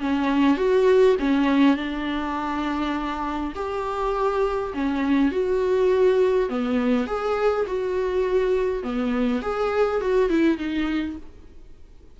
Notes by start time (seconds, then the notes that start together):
0.00 C#4
0.57 F#4
1.19 C#4
1.76 D4
3.55 G4
4.74 C#4
5.32 F#4
6.49 B3
7.07 G#4
7.67 F#4
8.83 B3
9.42 G#4
10.01 F#4
10.29 E4
10.57 D#4